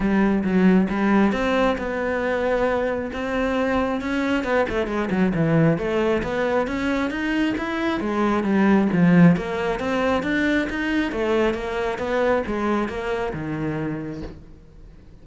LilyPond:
\new Staff \with { instrumentName = "cello" } { \time 4/4 \tempo 4 = 135 g4 fis4 g4 c'4 | b2. c'4~ | c'4 cis'4 b8 a8 gis8 fis8 | e4 a4 b4 cis'4 |
dis'4 e'4 gis4 g4 | f4 ais4 c'4 d'4 | dis'4 a4 ais4 b4 | gis4 ais4 dis2 | }